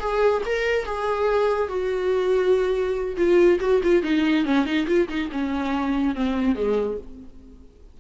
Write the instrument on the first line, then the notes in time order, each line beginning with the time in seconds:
viola
0.00 G#4
0.46 A#4
0.85 G#4
1.68 F#4
3.17 F4
3.60 F#4
3.83 F4
4.03 D#4
4.45 C#4
4.66 D#4
4.87 F4
5.09 D#4
5.32 C#4
6.15 C4
6.56 G#3